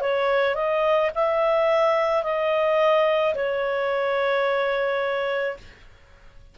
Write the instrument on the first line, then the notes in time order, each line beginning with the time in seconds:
clarinet
0.00 C#5
0.55 D#5
1.14 E5
2.23 D#5
3.34 C#5